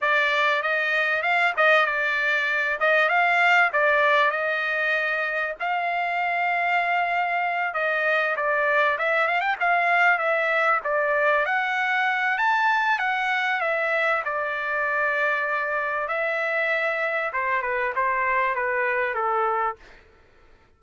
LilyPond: \new Staff \with { instrumentName = "trumpet" } { \time 4/4 \tempo 4 = 97 d''4 dis''4 f''8 dis''8 d''4~ | d''8 dis''8 f''4 d''4 dis''4~ | dis''4 f''2.~ | f''8 dis''4 d''4 e''8 f''16 g''16 f''8~ |
f''8 e''4 d''4 fis''4. | a''4 fis''4 e''4 d''4~ | d''2 e''2 | c''8 b'8 c''4 b'4 a'4 | }